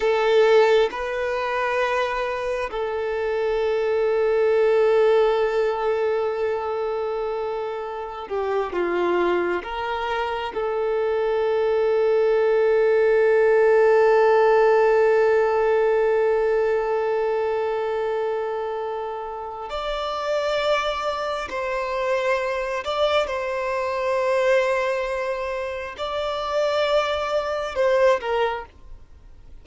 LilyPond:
\new Staff \with { instrumentName = "violin" } { \time 4/4 \tempo 4 = 67 a'4 b'2 a'4~ | a'1~ | a'4~ a'16 g'8 f'4 ais'4 a'16~ | a'1~ |
a'1~ | a'2 d''2 | c''4. d''8 c''2~ | c''4 d''2 c''8 ais'8 | }